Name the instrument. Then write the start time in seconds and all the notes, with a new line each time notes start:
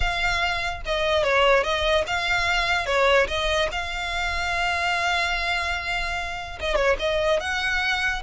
violin
0.00 F5
0.85 D#5
1.23 C#5
1.63 D#5
2.06 F5
2.86 C#5
3.27 D#5
3.71 F5
6.59 D#5
6.75 C#5
6.99 D#5
7.40 F#5